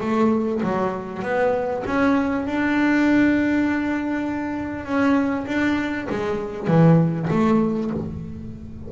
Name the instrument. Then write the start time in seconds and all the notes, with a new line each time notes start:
double bass
0.00 A3
0.63 F#3
1.22 B3
1.86 C#4
2.46 D4
4.85 C#4
5.46 D4
6.09 G#3
6.67 E3
7.30 A3